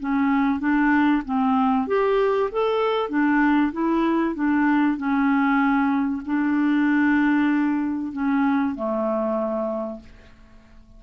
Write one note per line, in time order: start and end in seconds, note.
0.00 0.60 C#4
0.60 1.22 D4
1.25 1.88 C4
1.88 2.50 G4
2.52 3.10 A4
3.10 3.72 D4
3.72 4.35 E4
4.35 4.97 D4
4.97 6.22 C#4
6.26 8.13 D4
8.13 8.75 C#4
8.75 10.00 A3